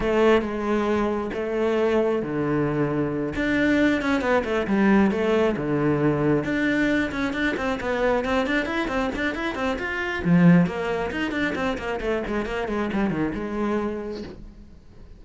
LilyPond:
\new Staff \with { instrumentName = "cello" } { \time 4/4 \tempo 4 = 135 a4 gis2 a4~ | a4 d2~ d8 d'8~ | d'4 cis'8 b8 a8 g4 a8~ | a8 d2 d'4. |
cis'8 d'8 c'8 b4 c'8 d'8 e'8 | c'8 d'8 e'8 c'8 f'4 f4 | ais4 dis'8 d'8 c'8 ais8 a8 gis8 | ais8 gis8 g8 dis8 gis2 | }